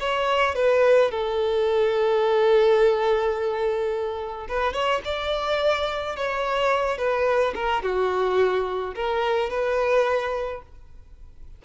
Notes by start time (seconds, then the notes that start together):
0.00 C#5
0.55 B4
1.11 A4
4.48 B4
4.74 C#5
5.05 D5
6.16 C#5
6.98 B4
7.55 A#4
7.82 F#4
8.95 A#4
9.50 B4